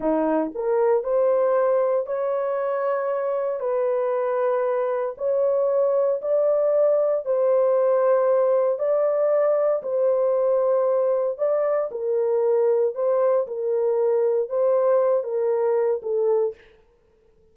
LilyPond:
\new Staff \with { instrumentName = "horn" } { \time 4/4 \tempo 4 = 116 dis'4 ais'4 c''2 | cis''2. b'4~ | b'2 cis''2 | d''2 c''2~ |
c''4 d''2 c''4~ | c''2 d''4 ais'4~ | ais'4 c''4 ais'2 | c''4. ais'4. a'4 | }